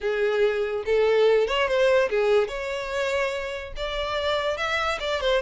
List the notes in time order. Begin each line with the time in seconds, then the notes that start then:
0.00 G#4
0.85 A4
1.47 C#5
1.67 C5
2.09 G#4
2.48 C#5
3.76 D5
4.57 E5
4.99 D5
5.20 C5